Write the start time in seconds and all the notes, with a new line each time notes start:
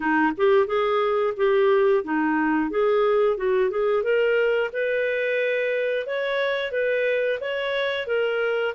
0.00 D#4
0.37 G4
0.66 G#4
1.36 G4
2.04 D#4
2.70 G#4
3.37 F#4
3.70 G#4
4.03 A#4
4.73 B4
6.06 C#5
6.71 B4
7.40 C#5
8.07 A#4